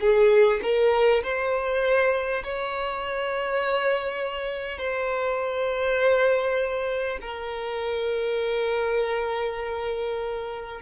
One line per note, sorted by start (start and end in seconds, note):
0.00 0.60 G#4
0.63 1.23 A#4
1.23 2.43 C5
2.43 4.78 C#5
4.78 7.18 C5
7.21 10.81 A#4